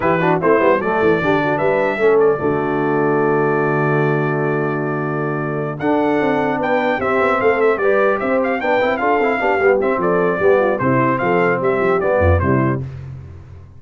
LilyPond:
<<
  \new Staff \with { instrumentName = "trumpet" } { \time 4/4 \tempo 4 = 150 b'4 c''4 d''2 | e''4. d''2~ d''8~ | d''1~ | d''2~ d''8 fis''4.~ |
fis''8 g''4 e''4 f''8 e''8 d''8~ | d''8 e''8 f''8 g''4 f''4.~ | f''8 e''8 d''2 c''4 | f''4 e''4 d''4 c''4 | }
  \new Staff \with { instrumentName = "horn" } { \time 4/4 g'8 fis'8 e'4 a'4 g'8 fis'8 | b'4 a'4 fis'2~ | fis'1~ | fis'2~ fis'8 a'4.~ |
a'8 b'4 g'4 a'4 b'8~ | b'8 c''4 b'4 a'4 g'8~ | g'4 a'4 g'8 f'8 e'4 | a'4 g'4. f'8 e'4 | }
  \new Staff \with { instrumentName = "trombone" } { \time 4/4 e'8 d'8 c'8 b8 a4 d'4~ | d'4 cis'4 a2~ | a1~ | a2~ a8 d'4.~ |
d'4. c'2 g'8~ | g'4. d'8 e'8 f'8 e'8 d'8 | b8 c'4. b4 c'4~ | c'2 b4 g4 | }
  \new Staff \with { instrumentName = "tuba" } { \time 4/4 e4 a8 g8 fis8 e8 d4 | g4 a4 d2~ | d1~ | d2~ d8 d'4 c'8~ |
c'8 b4 c'8 b8 a4 g8~ | g8 c'4 b8 c'8 d'8 c'8 b8 | g8 c'8 f4 g4 c4 | f4 g8 f8 g8 f,8 c4 | }
>>